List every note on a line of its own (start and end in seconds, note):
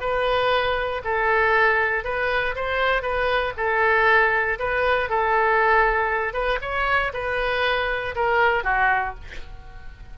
0.00 1.02 B4
1.04 2.04 A4
2.04 2.55 B4
2.55 3.02 C5
3.02 3.53 B4
3.57 4.59 A4
4.59 5.09 B4
5.09 6.33 A4
6.33 6.58 B4
6.61 7.12 C#5
7.13 8.15 B4
8.15 8.64 A#4
8.64 9.15 F#4